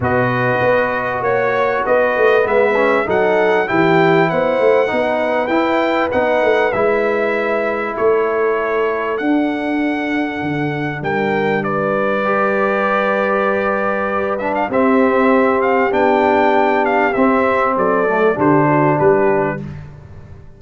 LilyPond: <<
  \new Staff \with { instrumentName = "trumpet" } { \time 4/4 \tempo 4 = 98 dis''2 cis''4 dis''4 | e''4 fis''4 g''4 fis''4~ | fis''4 g''4 fis''4 e''4~ | e''4 cis''2 fis''4~ |
fis''2 g''4 d''4~ | d''2.~ d''8 e''16 f''16 | e''4. f''8 g''4. f''8 | e''4 d''4 c''4 b'4 | }
  \new Staff \with { instrumentName = "horn" } { \time 4/4 b'2 cis''4 b'4~ | b'4 a'4 g'4 c''4 | b'1~ | b'4 a'2.~ |
a'2 ais'4 b'4~ | b'1 | g'1~ | g'4 a'4 g'8 fis'8 g'4 | }
  \new Staff \with { instrumentName = "trombone" } { \time 4/4 fis'1 | b8 cis'8 dis'4 e'2 | dis'4 e'4 dis'4 e'4~ | e'2. d'4~ |
d'1 | g'2.~ g'8 d'8 | c'2 d'2 | c'4. a8 d'2 | }
  \new Staff \with { instrumentName = "tuba" } { \time 4/4 b,4 b4 ais4 b8 a8 | gis4 fis4 e4 b8 a8 | b4 e'4 b8 a8 gis4~ | gis4 a2 d'4~ |
d'4 d4 g2~ | g1 | c'2 b2 | c'4 fis4 d4 g4 | }
>>